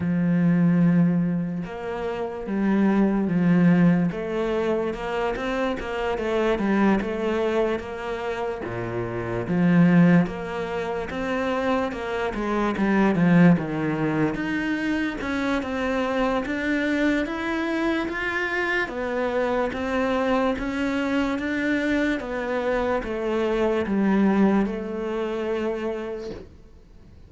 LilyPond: \new Staff \with { instrumentName = "cello" } { \time 4/4 \tempo 4 = 73 f2 ais4 g4 | f4 a4 ais8 c'8 ais8 a8 | g8 a4 ais4 ais,4 f8~ | f8 ais4 c'4 ais8 gis8 g8 |
f8 dis4 dis'4 cis'8 c'4 | d'4 e'4 f'4 b4 | c'4 cis'4 d'4 b4 | a4 g4 a2 | }